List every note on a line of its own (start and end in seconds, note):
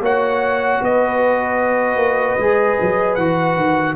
0.00 0.79 A#3
0.00 2.39 F#4
0.00 0.82 C#5
0.00 0.84 F#5
0.81 1.96 B3
0.81 3.96 B4
0.81 3.15 D#5
1.96 2.35 A#3
2.38 2.77 G#3
2.38 3.19 G#4
2.80 3.17 F#3
3.15 3.56 E3
3.15 3.96 F#4
3.15 3.94 F#5
3.56 3.96 D#3